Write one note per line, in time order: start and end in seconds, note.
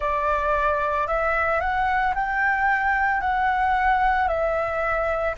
0.00 1.07 D5
1.07 1.60 E5
1.60 2.14 F#5
2.14 3.20 G5
3.20 4.28 F#5
4.28 5.35 E5